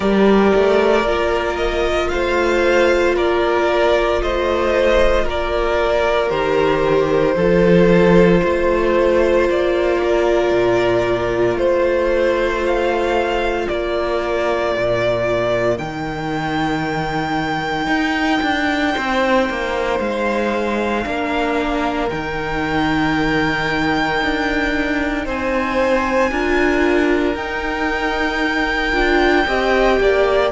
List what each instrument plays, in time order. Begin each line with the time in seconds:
0.00 cello G3, viola G4, violin A#4 D5
0.55 cello A3
1.04 cello A#3, viola F4
1.56 violin D#5
2.09 cello A3, violin C5 F5
3.15 cello A#3, violin A#4 D5
4.21 cello A3, violin C5 D#5
5.24 cello A#3, violin A#4 D5
6.29 cello D#3, viola G4, violin C5
7.35 cello F3, viola F4, violin A4
8.43 cello A3, violin C5
9.49 cello A#3, violin D5
10.02 violin A#4
10.50 cello A#2
11.56 cello A3, violin C5
12.66 violin F5
13.68 cello A#3, violin A#4 D5
14.75 cello A#2
15.77 cello D#3, viola D#4, violin G5
17.86 cello D#4
18.42 cello D4
18.93 cello C4, violin C5
19.49 cello A#3
19.99 cello G#3, violin F5
21.04 cello A#3, viola D4, violin A#4
22.09 cello D#3, viola D#4, violin G5
24.22 cello D4
25.25 cello C4, violin C5 G#5
26.30 cello D4, viola F4, violin A#4
27.34 cello D#4, viola D#4, violin G5
28.92 cello D4, viola F4
29.47 cello C4, viola G4, violin D#5
30.00 cello A#3, violin D5